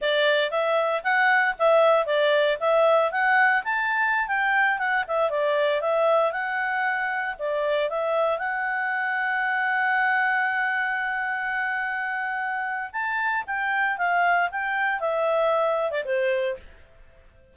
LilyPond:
\new Staff \with { instrumentName = "clarinet" } { \time 4/4 \tempo 4 = 116 d''4 e''4 fis''4 e''4 | d''4 e''4 fis''4 a''4~ | a''16 g''4 fis''8 e''8 d''4 e''8.~ | e''16 fis''2 d''4 e''8.~ |
e''16 fis''2.~ fis''8.~ | fis''1~ | fis''4 a''4 g''4 f''4 | g''4 e''4.~ e''16 d''16 c''4 | }